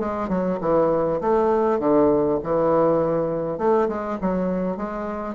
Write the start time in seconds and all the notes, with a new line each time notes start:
0.00 G#3
0.29 F#3
0.61 E3
1.21 A3
1.80 D3
2.43 E3
3.59 A3
3.89 G#3
4.22 F#3
4.77 G#3